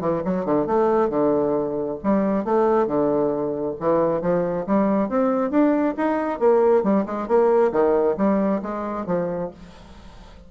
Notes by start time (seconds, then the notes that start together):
0.00 E3
0.24 F#3
0.45 D3
0.66 A3
1.09 D3
2.03 G3
2.44 A3
2.87 D3
3.79 E3
4.21 F3
4.66 G3
5.09 C4
5.50 D4
5.97 D#4
6.39 A#3
6.83 G3
7.05 G#3
7.27 A#3
7.72 D#3
8.17 G3
8.62 G#3
9.06 F3